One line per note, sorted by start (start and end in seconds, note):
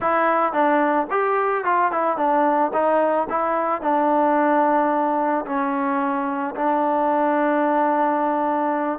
0.00 0.52 E4
0.52 1.07 D4
1.10 1.64 G4
1.64 1.91 F4
1.91 2.17 E4
2.17 2.71 D4
2.73 3.27 D#4
3.29 3.81 E4
3.81 5.45 D4
5.45 6.54 C#4
6.55 8.99 D4